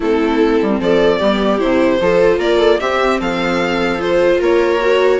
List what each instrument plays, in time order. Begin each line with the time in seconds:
0.00 bassoon A3, viola C4 E4, violin A4
0.61 bassoon G3
0.80 bassoon F3, viola A4, violin D5
1.18 bassoon G3, viola B3 G4
1.59 bassoon C3, viola E4, violin C5
2.00 bassoon F3, viola F4 A4
2.38 bassoon A#3, viola A#4, violin D5
2.57 viola A4
2.80 viola C4 G4, bassoon C4, violin E5
3.20 bassoon F3, viola A4, violin F5
3.99 viola F4, violin C5
4.39 bassoon A#3, viola A#4, violin C#5
4.80 viola F#4